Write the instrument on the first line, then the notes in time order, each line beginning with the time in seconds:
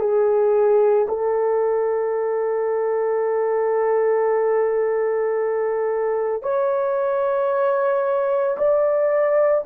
horn
0.00 G#4
1.09 A4
6.43 C#5
8.58 D5